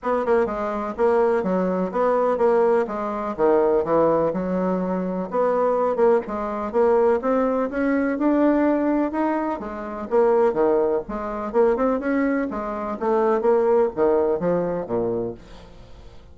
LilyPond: \new Staff \with { instrumentName = "bassoon" } { \time 4/4 \tempo 4 = 125 b8 ais8 gis4 ais4 fis4 | b4 ais4 gis4 dis4 | e4 fis2 b4~ | b8 ais8 gis4 ais4 c'4 |
cis'4 d'2 dis'4 | gis4 ais4 dis4 gis4 | ais8 c'8 cis'4 gis4 a4 | ais4 dis4 f4 ais,4 | }